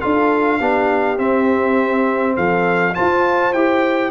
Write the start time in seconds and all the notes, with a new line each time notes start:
0.00 D4 F4 A4 F5
0.59 B3 D4 G4
1.17 C4 E5
2.35 F3 A4 F5
2.94 F4 C5 A5
3.53 E4 G4 G5